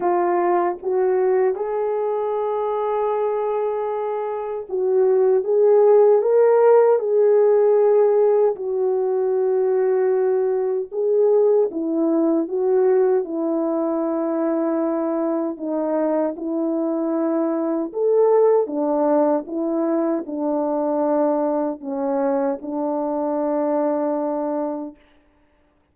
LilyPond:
\new Staff \with { instrumentName = "horn" } { \time 4/4 \tempo 4 = 77 f'4 fis'4 gis'2~ | gis'2 fis'4 gis'4 | ais'4 gis'2 fis'4~ | fis'2 gis'4 e'4 |
fis'4 e'2. | dis'4 e'2 a'4 | d'4 e'4 d'2 | cis'4 d'2. | }